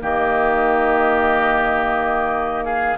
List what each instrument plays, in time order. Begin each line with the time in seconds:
0.00 bassoon D#3, clarinet A#3, oboe G4, flute D#5
2.64 oboe G#4, flute F5